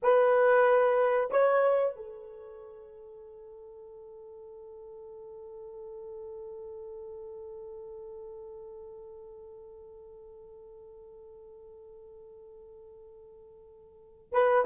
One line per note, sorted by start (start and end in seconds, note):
0.02 1.30 B4
1.30 1.96 C#5
1.96 14.32 A4
14.32 14.65 B4